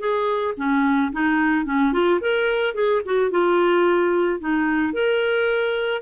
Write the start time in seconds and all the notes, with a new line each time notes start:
0.00 G#4
0.58 C#4
1.13 D#4
1.66 C#4
1.93 F4
2.21 A#4
2.75 G#4
3.05 F#4
3.31 F4
4.40 D#4
4.93 A#4